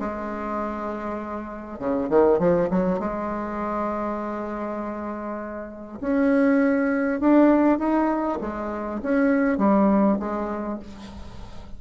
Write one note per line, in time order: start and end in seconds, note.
0.00 1.79 G#3
1.79 2.09 C#3
2.10 2.39 D#3
2.39 2.69 F3
2.70 3.00 F#3
3.00 6.00 G#3
6.01 7.21 C#4
7.21 7.79 D4
7.79 8.39 D#4
8.41 9.01 G#3
9.03 9.58 C#4
9.58 10.18 G3
10.20 10.80 G#3